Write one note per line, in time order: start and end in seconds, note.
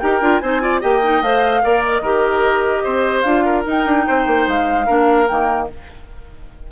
0.00 0.21 D#4
0.00 0.22 G4
0.00 0.42 A#4
0.00 0.39 G5
0.21 0.42 D4
0.21 0.42 F4
0.39 0.83 C4
0.39 0.62 D#4
0.39 0.62 C5
0.39 0.80 G#5
0.62 0.82 F4
0.62 0.81 D5
0.81 1.22 A#3
0.81 1.02 G4
0.81 1.62 D#5
0.81 1.23 G5
1.03 1.23 D#4
1.22 1.63 A3
1.22 1.62 C5
1.22 1.84 F5
1.62 2.02 A#3
1.62 2.03 A#4
1.62 2.03 D5
1.85 3.22 D#5
2.02 2.83 D#3
2.02 3.26 G4
2.02 2.84 A#4
2.84 3.25 C4
2.84 3.45 C5
3.22 3.65 D4
3.22 3.65 F4
3.22 3.62 F5
3.46 4.06 A#4
3.65 4.86 D#4
3.65 3.86 D#4
3.65 4.49 G5
3.86 4.06 D4
4.08 4.27 C4
4.08 4.86 C5
4.27 4.47 A#3
4.48 4.88 G#3
4.48 5.28 F5
4.86 5.30 A#3
4.86 5.27 D4
4.86 5.68 A#4
5.28 5.72 D#3
5.28 5.70 A#3
5.28 5.68 G5